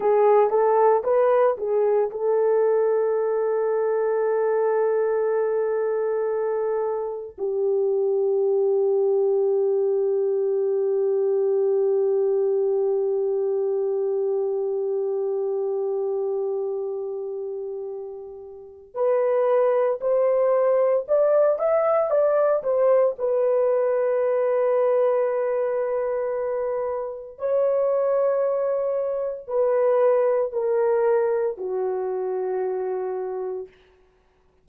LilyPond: \new Staff \with { instrumentName = "horn" } { \time 4/4 \tempo 4 = 57 gis'8 a'8 b'8 gis'8 a'2~ | a'2. g'4~ | g'1~ | g'1~ |
g'2 b'4 c''4 | d''8 e''8 d''8 c''8 b'2~ | b'2 cis''2 | b'4 ais'4 fis'2 | }